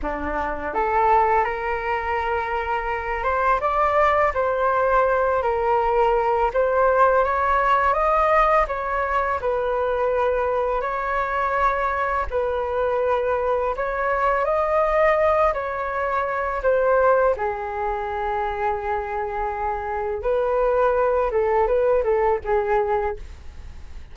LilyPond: \new Staff \with { instrumentName = "flute" } { \time 4/4 \tempo 4 = 83 d'4 a'4 ais'2~ | ais'8 c''8 d''4 c''4. ais'8~ | ais'4 c''4 cis''4 dis''4 | cis''4 b'2 cis''4~ |
cis''4 b'2 cis''4 | dis''4. cis''4. c''4 | gis'1 | b'4. a'8 b'8 a'8 gis'4 | }